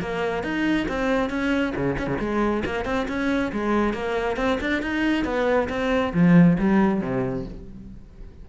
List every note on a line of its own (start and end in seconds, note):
0.00 0.43 A#3
0.43 0.87 D#4
0.88 1.30 C4
1.30 1.73 C#4
1.75 1.97 C#3
1.99 2.07 C#4
2.07 2.18 C#3
2.19 2.63 G#3
2.65 2.85 A#3
2.85 3.07 C4
3.08 3.52 C#4
3.52 3.93 G#3
3.93 4.37 A#3
4.37 4.58 C4
4.61 4.82 D4
4.82 5.24 D#4
5.24 5.68 B3
5.69 6.13 C4
6.14 6.57 F3
6.59 7.01 G3
7.01 7.45 C3